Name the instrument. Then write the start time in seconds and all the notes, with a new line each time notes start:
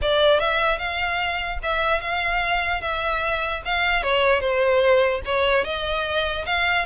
violin
0.01 D5
0.39 E5
0.78 F5
1.63 E5
2.00 F5
2.81 E5
3.65 F5
4.02 C#5
4.40 C5
5.25 C#5
5.64 D#5
6.46 F5